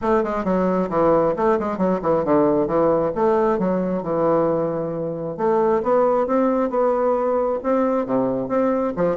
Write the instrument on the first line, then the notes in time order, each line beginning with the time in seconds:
bassoon
0.01 A3
0.23 G#3
0.44 F#3
0.89 E3
1.36 A3
1.59 G#3
1.77 F#3
2.01 E3
2.24 D3
2.67 E3
3.15 A3
3.58 F#3
4.02 E3
5.37 A3
5.82 B3
6.26 C4
6.70 B3
7.63 C4
8.06 C3
8.48 C4
8.96 F3